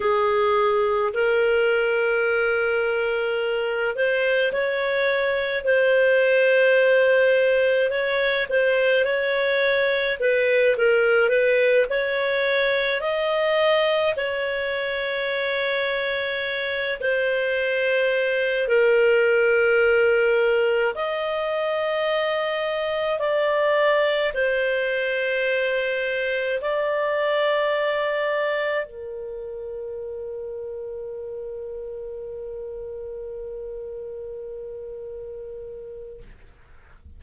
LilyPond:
\new Staff \with { instrumentName = "clarinet" } { \time 4/4 \tempo 4 = 53 gis'4 ais'2~ ais'8 c''8 | cis''4 c''2 cis''8 c''8 | cis''4 b'8 ais'8 b'8 cis''4 dis''8~ | dis''8 cis''2~ cis''8 c''4~ |
c''8 ais'2 dis''4.~ | dis''8 d''4 c''2 d''8~ | d''4. ais'2~ ais'8~ | ais'1 | }